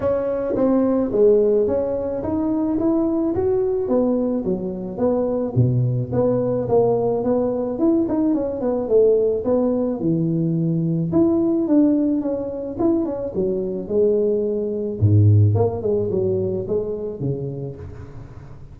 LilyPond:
\new Staff \with { instrumentName = "tuba" } { \time 4/4 \tempo 4 = 108 cis'4 c'4 gis4 cis'4 | dis'4 e'4 fis'4 b4 | fis4 b4 b,4 b4 | ais4 b4 e'8 dis'8 cis'8 b8 |
a4 b4 e2 | e'4 d'4 cis'4 e'8 cis'8 | fis4 gis2 gis,4 | ais8 gis8 fis4 gis4 cis4 | }